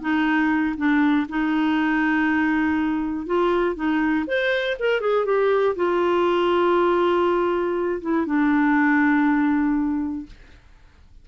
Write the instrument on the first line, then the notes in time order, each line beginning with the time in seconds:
clarinet
0.00 D#4
0.77 D4
1.28 D#4
3.26 F4
3.75 D#4
4.27 C5
4.79 A#4
5.00 G#4
5.25 G4
5.76 F4
8.01 E4
8.26 D4